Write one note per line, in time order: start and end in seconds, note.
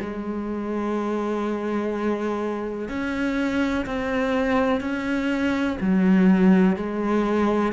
0.00 2.89 G#3
2.89 3.85 C#4
3.85 4.80 C4
4.80 5.77 C#4
5.80 6.76 F#3
6.76 7.72 G#3